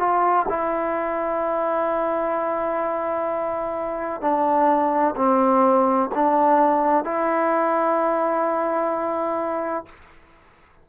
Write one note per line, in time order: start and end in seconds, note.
0.00 0.47 F4
0.49 4.22 E4
4.22 5.16 D4
5.16 6.10 C4
6.15 7.05 D4
7.05 9.86 E4